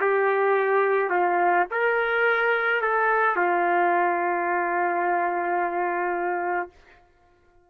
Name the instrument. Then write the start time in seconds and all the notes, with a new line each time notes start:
trumpet
0.00 G4
1.10 F4
1.71 A#4
2.81 A4
3.36 F4